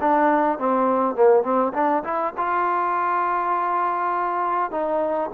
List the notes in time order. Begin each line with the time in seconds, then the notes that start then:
0.00 D4
0.58 C4
1.15 A#3
1.43 C4
1.73 D4
2.03 E4
2.37 F4
4.71 D#4